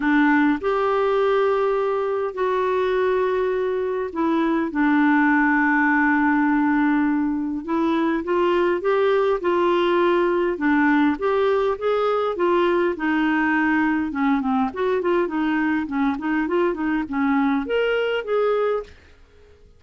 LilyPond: \new Staff \with { instrumentName = "clarinet" } { \time 4/4 \tempo 4 = 102 d'4 g'2. | fis'2. e'4 | d'1~ | d'4 e'4 f'4 g'4 |
f'2 d'4 g'4 | gis'4 f'4 dis'2 | cis'8 c'8 fis'8 f'8 dis'4 cis'8 dis'8 | f'8 dis'8 cis'4 ais'4 gis'4 | }